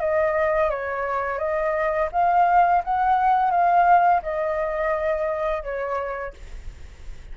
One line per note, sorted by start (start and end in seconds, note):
0.00 0.70 D#5
0.70 1.38 C#5
1.38 2.09 D#5
2.12 2.83 F5
2.84 3.51 F#5
3.51 4.22 F5
4.23 5.63 D#5
5.63 6.34 C#5